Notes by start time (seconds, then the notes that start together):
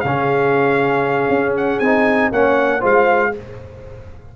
0.00 C#3 G#4 F5
0.06 C#4
1.29 C#4
1.57 F#5
1.79 C4 D#4 G#5
2.32 A#3 C#4 C#5 F#5
2.80 G#3 F4 C5 F5